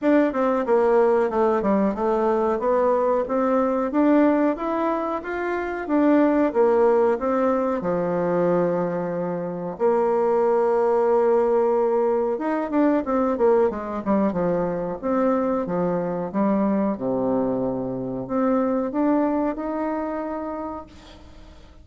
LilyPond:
\new Staff \with { instrumentName = "bassoon" } { \time 4/4 \tempo 4 = 92 d'8 c'8 ais4 a8 g8 a4 | b4 c'4 d'4 e'4 | f'4 d'4 ais4 c'4 | f2. ais4~ |
ais2. dis'8 d'8 | c'8 ais8 gis8 g8 f4 c'4 | f4 g4 c2 | c'4 d'4 dis'2 | }